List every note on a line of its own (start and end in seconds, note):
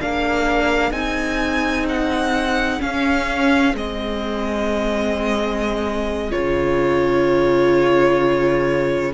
0.00 0.91 A#3
0.00 0.92 D4
0.00 9.14 G#4
0.00 0.92 F5
0.91 2.79 C4
0.91 2.79 D#4
0.91 1.86 G#5
1.88 2.81 F#5
2.79 3.73 C#4
2.79 3.74 C#4
2.79 3.75 F5
3.74 6.31 G#3
3.74 6.31 C4
3.74 6.31 D#5
6.31 9.14 C#3
6.31 9.12 F4
6.31 9.12 C#5